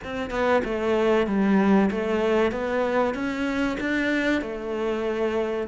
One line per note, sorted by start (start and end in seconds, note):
0.03 0.30 C4
0.30 0.61 B3
0.64 1.26 A3
1.26 1.89 G3
1.90 2.51 A3
2.51 3.14 B3
3.14 3.77 C#4
3.80 4.41 D4
4.41 5.67 A3